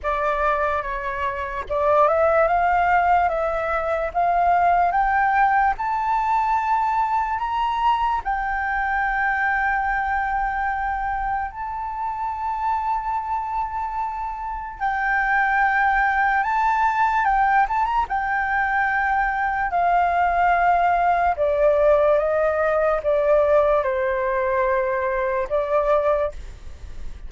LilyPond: \new Staff \with { instrumentName = "flute" } { \time 4/4 \tempo 4 = 73 d''4 cis''4 d''8 e''8 f''4 | e''4 f''4 g''4 a''4~ | a''4 ais''4 g''2~ | g''2 a''2~ |
a''2 g''2 | a''4 g''8 a''16 ais''16 g''2 | f''2 d''4 dis''4 | d''4 c''2 d''4 | }